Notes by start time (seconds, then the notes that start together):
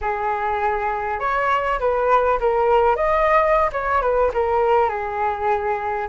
0.01 G#4
1.19 C#5
1.79 B4
2.40 A#4
2.96 D#5
3.72 C#5
4.01 B4
4.33 A#4
4.88 G#4